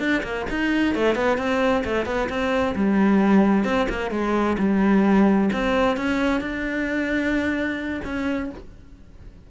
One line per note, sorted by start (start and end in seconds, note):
0.00 0.23 D4
0.24 0.46 A#3
0.51 0.95 D#4
0.95 1.16 A3
1.16 1.38 B3
1.38 1.84 C4
1.85 2.06 A3
2.06 2.29 B3
2.30 2.75 C4
2.76 3.65 G3
3.65 3.88 C4
3.90 4.11 A#3
4.11 4.57 G#3
4.59 5.50 G3
5.53 5.97 C4
5.97 6.41 C#4
6.41 8.02 D4
8.05 8.51 C#4